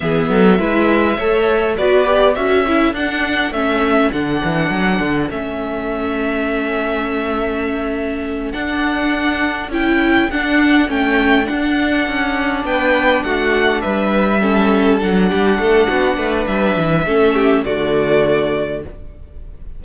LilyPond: <<
  \new Staff \with { instrumentName = "violin" } { \time 4/4 \tempo 4 = 102 e''2. d''4 | e''4 fis''4 e''4 fis''4~ | fis''4 e''2.~ | e''2~ e''8 fis''4.~ |
fis''8 g''4 fis''4 g''4 fis''8~ | fis''4. g''4 fis''4 e''8~ | e''4. fis''2~ fis''8 | e''2 d''2 | }
  \new Staff \with { instrumentName = "violin" } { \time 4/4 gis'8 a'8 b'4 cis''4 b'4 | a'1~ | a'1~ | a'1~ |
a'1~ | a'4. b'4 fis'4 b'8~ | b'8 a'4. g'8 a'8 fis'8 b'8~ | b'4 a'8 g'8 fis'2 | }
  \new Staff \with { instrumentName = "viola" } { \time 4/4 b4 e'4 a'4 fis'8 g'8 | fis'8 e'8 d'4 cis'4 d'4~ | d'4 cis'2.~ | cis'2~ cis'8 d'4.~ |
d'8 e'4 d'4 cis'4 d'8~ | d'1~ | d'8 cis'4 d'2~ d'8~ | d'4 cis'4 a2 | }
  \new Staff \with { instrumentName = "cello" } { \time 4/4 e8 fis8 gis4 a4 b4 | cis'4 d'4 a4 d8 e8 | fis8 d8 a2.~ | a2~ a8 d'4.~ |
d'8 cis'4 d'4 a4 d'8~ | d'8 cis'4 b4 a4 g8~ | g4. fis8 g8 a8 b8 a8 | g8 e8 a4 d2 | }
>>